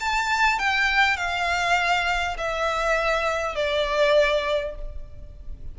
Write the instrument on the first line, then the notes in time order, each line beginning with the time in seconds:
violin
0.00 A5
0.59 G5
1.17 F5
2.38 E5
3.55 D5